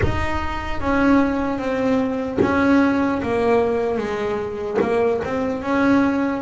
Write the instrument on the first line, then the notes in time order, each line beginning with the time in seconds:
double bass
0.02 D#4
0.80 C#4
1.58 C4
2.41 C#4
3.22 A#3
3.97 G#3
4.81 A#3
5.24 C4
5.62 C#4